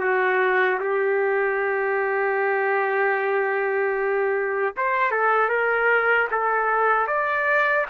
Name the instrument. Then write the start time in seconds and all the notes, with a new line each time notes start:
trumpet
0.00 F#4
0.80 G4
4.77 C5
5.11 A4
5.49 A#4
6.31 A4
7.07 D5